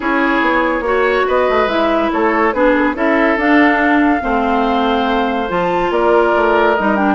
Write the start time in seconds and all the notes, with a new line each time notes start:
0.00 C#4 E4 G#4 C#5
0.41 B3
0.80 A#3 F#4
0.87 C#5
1.26 B3 B4 D#5
1.49 A3
1.66 G#3 E4 E5
2.12 A3 A4 C#5
2.53 B3 D4 G#4 B4
2.75 A4
2.84 B4
2.94 C#4 E4 A4 E5
3.36 D4 F5
4.21 A3 C4 C5
5.48 F3 F4 A5
5.90 A#3 A#4 D5
6.35 A3
6.75 G3 D#4 D#5
6.96 D4 G5